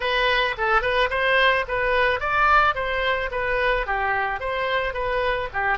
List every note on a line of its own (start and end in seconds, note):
0.00 0.55 B4
0.57 0.81 A4
0.81 1.09 B4
1.10 1.65 C5
1.68 2.20 B4
2.20 2.74 D5
2.74 3.30 C5
3.31 3.86 B4
3.86 4.40 G4
4.40 4.93 C5
4.93 5.48 B4
5.53 5.78 G4